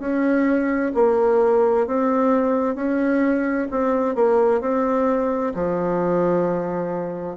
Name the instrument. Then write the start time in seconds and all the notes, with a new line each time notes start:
bassoon
0.00 C#4
0.95 A#3
1.87 C4
2.76 C#4
3.71 C4
4.15 A#3
4.61 C4
5.54 F3